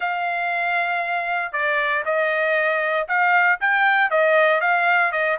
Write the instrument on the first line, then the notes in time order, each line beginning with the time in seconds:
trumpet
0.00 F5
1.52 D5
2.05 D#5
3.07 F5
3.60 G5
4.10 D#5
4.60 F5
5.11 D#5